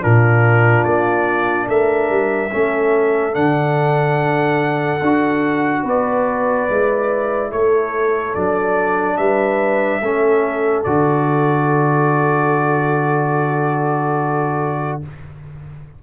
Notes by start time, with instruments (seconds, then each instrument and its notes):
0.00 tuba A#2, trombone D4, horn F4, trumpet A#4
0.84 tuba A#3, trumpet D5
1.67 tuba A3, horn A#4, trumpet E5
2.10 tuba G3
2.51 tuba A3, trombone C#4, horn A4
3.33 tuba D3, trombone D4, trumpet F#5
5.02 tuba D4, trombone F#4
5.83 tuba B3, horn B4, trumpet D5
6.70 tuba G#3, trombone E4
7.51 tuba A3, horn A4, trumpet C#5
8.35 tuba F#3, trombone D4, trumpet D5
9.17 tuba G3, horn B4, trumpet E5
10.01 tuba A3, trombone C#4, horn A4
10.84 tuba D3, trombone F#4, trumpet D5